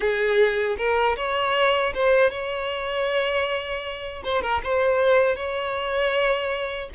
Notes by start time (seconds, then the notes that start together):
0.00 G#4
0.77 A#4
1.16 C#5
1.94 C5
2.30 C#5
4.24 C5
4.42 A#4
4.63 C5
5.35 C#5